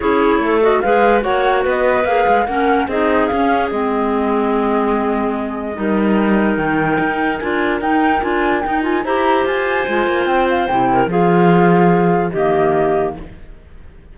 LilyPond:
<<
  \new Staff \with { instrumentName = "flute" } { \time 4/4 \tempo 4 = 146 cis''4. dis''8 f''4 fis''4 | dis''4 f''4 fis''4 dis''4 | f''4 dis''2.~ | dis''1 |
g''2 gis''4 g''4 | gis''4 g''8 gis''8 ais''4 gis''4~ | gis''4 g''8 f''8 g''4 f''4~ | f''2 dis''2 | }
  \new Staff \with { instrumentName = "clarinet" } { \time 4/4 gis'4 a'4 b'4 cis''4 | b'2 ais'4 gis'4~ | gis'1~ | gis'2 ais'2~ |
ais'1~ | ais'2 c''2~ | c''2~ c''8 ais'8 gis'4~ | gis'2 g'2 | }
  \new Staff \with { instrumentName = "clarinet" } { \time 4/4 e'4. fis'8 gis'4 fis'4~ | fis'4 gis'4 cis'4 dis'4 | cis'4 c'2.~ | c'2 dis'2~ |
dis'2 f'4 dis'4 | f'4 dis'8 f'8 g'2 | f'2 e'4 f'4~ | f'2 ais2 | }
  \new Staff \with { instrumentName = "cello" } { \time 4/4 cis'4 a4 gis4 ais4 | b4 ais8 gis8 ais4 c'4 | cis'4 gis2.~ | gis2 g2 |
dis4 dis'4 d'4 dis'4 | d'4 dis'4 e'4 f'4 | gis8 ais8 c'4 c4 f4~ | f2 dis2 | }
>>